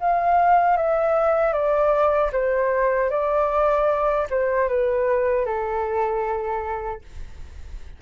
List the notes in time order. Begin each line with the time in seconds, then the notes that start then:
0.00 F5
0.77 E5
1.53 D5
2.32 C5
3.10 D5
4.30 C5
4.68 B4
5.46 A4